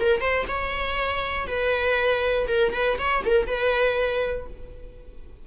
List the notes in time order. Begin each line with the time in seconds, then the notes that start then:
0.00 A#4
0.20 C5
0.48 C#5
1.47 B4
2.48 A#4
2.73 B4
2.98 C#5
3.25 A#4
3.47 B4